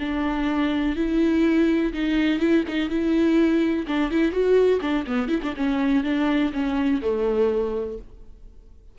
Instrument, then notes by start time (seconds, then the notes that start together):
viola
0.00 D4
0.97 E4
1.94 D#4
2.40 E4
2.69 D#4
2.90 E4
3.88 D4
4.11 E4
4.32 F#4
4.82 D4
5.07 B3
5.29 E4
5.43 D4
5.57 C#4
6.04 D4
6.53 C#4
7.02 A3